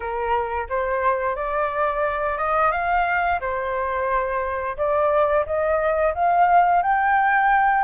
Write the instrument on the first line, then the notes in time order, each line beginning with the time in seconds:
flute
0.00 A#4
0.69 C5
1.35 D5
2.37 D#5
2.71 F5
3.40 C5
4.77 D5
5.45 D#5
6.14 F5
6.82 G5